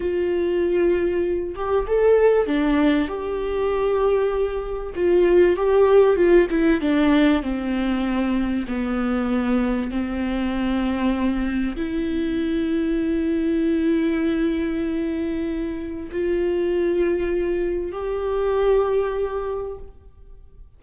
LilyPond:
\new Staff \with { instrumentName = "viola" } { \time 4/4 \tempo 4 = 97 f'2~ f'8 g'8 a'4 | d'4 g'2. | f'4 g'4 f'8 e'8 d'4 | c'2 b2 |
c'2. e'4~ | e'1~ | e'2 f'2~ | f'4 g'2. | }